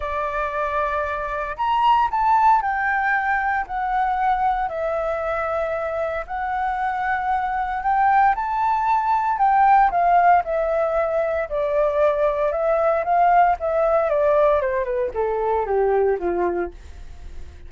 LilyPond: \new Staff \with { instrumentName = "flute" } { \time 4/4 \tempo 4 = 115 d''2. ais''4 | a''4 g''2 fis''4~ | fis''4 e''2. | fis''2. g''4 |
a''2 g''4 f''4 | e''2 d''2 | e''4 f''4 e''4 d''4 | c''8 b'8 a'4 g'4 f'4 | }